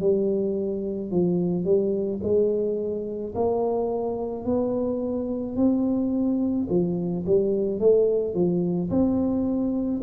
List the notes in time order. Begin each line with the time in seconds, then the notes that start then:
0.00 G3
1.11 F3
1.65 G3
2.23 G#3
3.35 A#3
4.45 B3
5.56 C4
6.69 F3
7.26 G3
7.79 A3
8.34 F3
8.90 C4